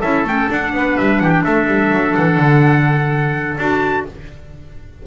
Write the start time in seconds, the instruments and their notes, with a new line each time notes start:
0.00 double bass C#4, clarinet E4, oboe A4, trumpet E5
0.24 double bass A3, clarinet C#4, trumpet G5
0.48 clarinet D4, double bass D4, trumpet F#5
0.73 double bass B3, oboe B4
0.98 double bass G3, trumpet E5
1.20 double bass E3, oboe G4, trumpet F#5
1.30 trumpet G5
1.44 double bass A3, oboe A4, trumpet E5
1.67 double bass G3
1.91 double bass F#3
2.15 double bass E3, trumpet F#5
2.37 double bass D3
3.58 double bass D4, clarinet F#4, trumpet A5